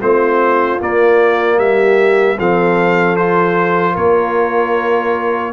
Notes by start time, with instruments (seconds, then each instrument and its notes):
0.00 tuba A3, trombone C4, horn F4, trumpet C5
0.79 trombone A#3, tuba A#3, trumpet D5
1.58 tuba G3, horn G4, trumpet E5
2.37 tuba F3, trombone C4, horn A4, trumpet F5
3.16 trombone F4, trumpet C5
3.93 tuba A#3, horn A#4, trumpet C#5